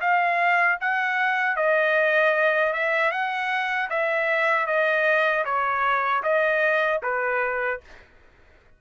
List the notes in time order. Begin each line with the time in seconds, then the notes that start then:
0.00 F5
0.80 F#5
1.55 D#5
2.73 E5
3.11 F#5
3.89 E5
4.66 D#5
5.44 C#5
6.23 D#5
7.02 B4